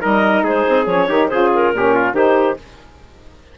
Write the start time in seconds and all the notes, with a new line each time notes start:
0.00 G3 D#4 A#4 D#5
0.44 G#3 G#4 C5
0.69 C4
0.86 F3 C#4 C#5
1.09 D#3 D#4 G4
1.28 C#3 F4 G#4 C5
1.54 A#4
1.73 A#2 C#4 G4
1.95 F4
2.13 D#3 D#4 G4 C5